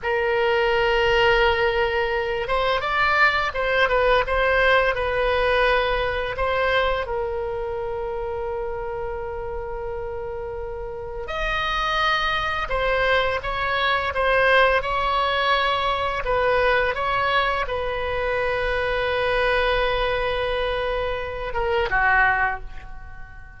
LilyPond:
\new Staff \with { instrumentName = "oboe" } { \time 4/4 \tempo 4 = 85 ais'2.~ ais'8 c''8 | d''4 c''8 b'8 c''4 b'4~ | b'4 c''4 ais'2~ | ais'1 |
dis''2 c''4 cis''4 | c''4 cis''2 b'4 | cis''4 b'2.~ | b'2~ b'8 ais'8 fis'4 | }